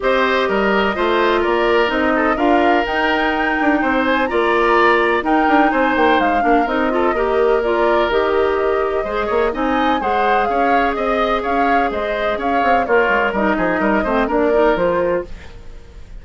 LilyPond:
<<
  \new Staff \with { instrumentName = "flute" } { \time 4/4 \tempo 4 = 126 dis''2. d''4 | dis''4 f''4 g''2~ | g''8 gis''8 ais''2 g''4 | gis''8 g''8 f''4 dis''2 |
d''4 dis''2. | gis''4 fis''4 f''4 dis''4 | f''4 dis''4 f''4 cis''4 | dis''2 d''4 c''4 | }
  \new Staff \with { instrumentName = "oboe" } { \time 4/4 c''4 ais'4 c''4 ais'4~ | ais'8 a'8 ais'2. | c''4 d''2 ais'4 | c''4. ais'4 a'8 ais'4~ |
ais'2. c''8 cis''8 | dis''4 c''4 cis''4 dis''4 | cis''4 c''4 cis''4 f'4 | ais'8 gis'8 ais'8 c''8 ais'2 | }
  \new Staff \with { instrumentName = "clarinet" } { \time 4/4 g'2 f'2 | dis'4 f'4 dis'2~ | dis'4 f'2 dis'4~ | dis'4. d'8 dis'8 f'8 g'4 |
f'4 g'2 gis'4 | dis'4 gis'2.~ | gis'2. ais'4 | dis'4. c'8 d'8 dis'8 f'4 | }
  \new Staff \with { instrumentName = "bassoon" } { \time 4/4 c'4 g4 a4 ais4 | c'4 d'4 dis'4. d'8 | c'4 ais2 dis'8 d'8 | c'8 ais8 gis8 ais8 c'4 ais4~ |
ais4 dis2 gis8 ais8 | c'4 gis4 cis'4 c'4 | cis'4 gis4 cis'8 c'8 ais8 gis8 | g8 f8 g8 a8 ais4 f4 | }
>>